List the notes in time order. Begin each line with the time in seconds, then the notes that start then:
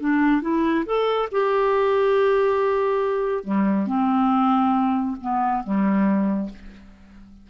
0.00 D4
0.41 E4
0.85 A4
1.31 G4
3.44 G3
3.87 C4
5.20 B3
5.63 G3